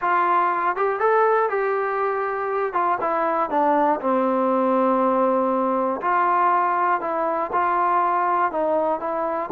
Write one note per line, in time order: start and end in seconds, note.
0.01 0.75 F4
0.75 0.99 G4
0.99 1.49 A4
1.49 2.73 G4
2.73 2.98 F4
3.00 3.50 E4
3.50 4.00 D4
4.00 6.00 C4
6.01 7.00 F4
7.00 7.50 E4
7.52 8.51 F4
8.51 9.00 D#4
9.00 9.50 E4